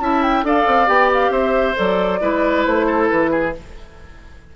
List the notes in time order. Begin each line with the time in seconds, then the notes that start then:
0.00 C#4 E4 E5 A5
0.23 G5
0.43 D4 A4 D5 F5
0.67 C4
0.87 B3 G4 G5
1.14 F5
1.30 C4 C5 E5
1.76 F#3 A4 D5
2.21 G#3 E4 B4
2.65 A3 C5
2.87 A4
3.09 E3 B4
3.31 G#4